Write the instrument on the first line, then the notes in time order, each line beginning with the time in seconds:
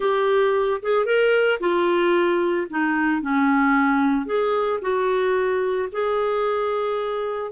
clarinet
0.00 G4
0.82 G#4
1.05 A#4
1.59 F4
2.70 D#4
3.21 C#4
4.26 G#4
4.81 F#4
5.92 G#4